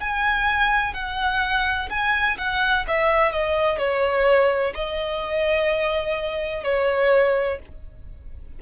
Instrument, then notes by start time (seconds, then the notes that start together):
violin
0.00 G#5
0.94 F#5
1.89 G#5
2.37 F#5
2.87 E5
3.31 D#5
3.78 C#5
4.74 D#5
6.63 C#5